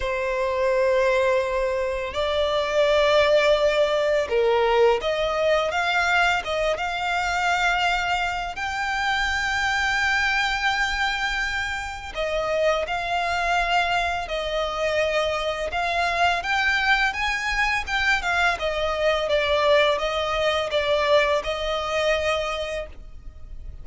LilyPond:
\new Staff \with { instrumentName = "violin" } { \time 4/4 \tempo 4 = 84 c''2. d''4~ | d''2 ais'4 dis''4 | f''4 dis''8 f''2~ f''8 | g''1~ |
g''4 dis''4 f''2 | dis''2 f''4 g''4 | gis''4 g''8 f''8 dis''4 d''4 | dis''4 d''4 dis''2 | }